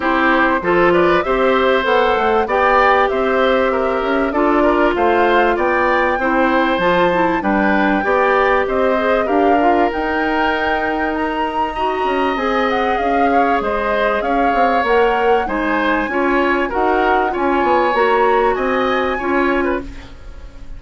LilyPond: <<
  \new Staff \with { instrumentName = "flute" } { \time 4/4 \tempo 4 = 97 c''4. d''8 e''4 fis''4 | g''4 e''2 d''4 | f''4 g''2 a''4 | g''2 dis''4 f''4 |
g''2 ais''2 | gis''8 fis''8 f''4 dis''4 f''4 | fis''4 gis''2 fis''4 | gis''4 ais''4 gis''2 | }
  \new Staff \with { instrumentName = "oboe" } { \time 4/4 g'4 a'8 b'8 c''2 | d''4 c''4 ais'4 a'8 ais'8 | c''4 d''4 c''2 | b'4 d''4 c''4 ais'4~ |
ais'2. dis''4~ | dis''4. cis''8 c''4 cis''4~ | cis''4 c''4 cis''4 ais'4 | cis''2 dis''4 cis''8. b'16 | }
  \new Staff \with { instrumentName = "clarinet" } { \time 4/4 e'4 f'4 g'4 a'4 | g'2. f'4~ | f'2 e'4 f'8 e'8 | d'4 g'4. gis'8 g'8 f'8 |
dis'2. fis'4 | gis'1 | ais'4 dis'4 f'4 fis'4 | f'4 fis'2 f'4 | }
  \new Staff \with { instrumentName = "bassoon" } { \time 4/4 c'4 f4 c'4 b8 a8 | b4 c'4. cis'8 d'4 | a4 b4 c'4 f4 | g4 b4 c'4 d'4 |
dis'2.~ dis'8 cis'8 | c'4 cis'4 gis4 cis'8 c'8 | ais4 gis4 cis'4 dis'4 | cis'8 b8 ais4 c'4 cis'4 | }
>>